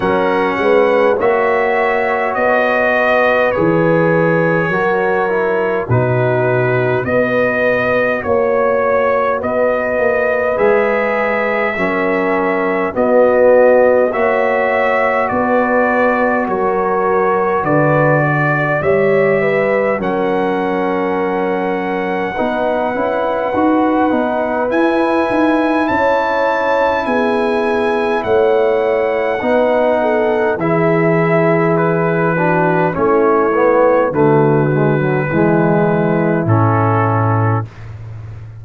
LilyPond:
<<
  \new Staff \with { instrumentName = "trumpet" } { \time 4/4 \tempo 4 = 51 fis''4 e''4 dis''4 cis''4~ | cis''4 b'4 dis''4 cis''4 | dis''4 e''2 dis''4 | e''4 d''4 cis''4 d''4 |
e''4 fis''2.~ | fis''4 gis''4 a''4 gis''4 | fis''2 e''4 b'4 | cis''4 b'2 a'4 | }
  \new Staff \with { instrumentName = "horn" } { \time 4/4 ais'8 b'8 cis''4. b'4. | ais'4 fis'4 b'4 cis''4 | b'2 ais'4 fis'4 | cis''4 b'4 ais'4 b'8 d''8 |
cis''8 b'8 ais'2 b'4~ | b'2 cis''4 gis'4 | cis''4 b'8 a'8 gis'4. fis'8 | e'4 fis'4 e'2 | }
  \new Staff \with { instrumentName = "trombone" } { \time 4/4 cis'4 fis'2 gis'4 | fis'8 e'8 dis'4 fis'2~ | fis'4 gis'4 cis'4 b4 | fis'1 |
g'4 cis'2 dis'8 e'8 | fis'8 dis'8 e'2.~ | e'4 dis'4 e'4. d'8 | cis'8 b8 a8 gis16 fis16 gis4 cis'4 | }
  \new Staff \with { instrumentName = "tuba" } { \time 4/4 fis8 gis8 ais4 b4 e4 | fis4 b,4 b4 ais4 | b8 ais8 gis4 fis4 b4 | ais4 b4 fis4 d4 |
g4 fis2 b8 cis'8 | dis'8 b8 e'8 dis'8 cis'4 b4 | a4 b4 e2 | a4 d4 e4 a,4 | }
>>